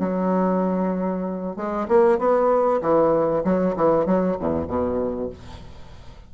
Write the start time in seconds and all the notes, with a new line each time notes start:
0.00 F#3
1.57 G#3
1.88 A#3
2.19 B3
2.82 E3
3.44 F#3
3.76 E3
4.06 F#3
4.40 E2
4.68 B2